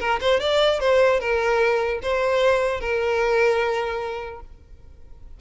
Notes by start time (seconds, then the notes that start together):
0.00 A#4
0.21 C5
0.41 D5
0.81 C5
1.20 A#4
2.03 C5
2.81 A#4